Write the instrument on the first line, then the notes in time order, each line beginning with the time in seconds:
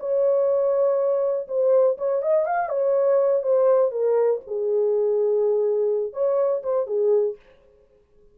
horn
0.00 C#5
1.48 C5
1.98 C#5
2.22 D#5
2.46 F5
2.69 C#5
3.42 C5
3.92 A#4
4.47 G#4
6.13 C#5
6.63 C5
6.87 G#4